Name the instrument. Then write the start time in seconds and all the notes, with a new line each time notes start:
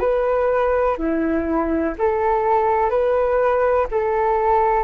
flute
0.00 B4
0.98 E4
1.98 A4
2.90 B4
3.91 A4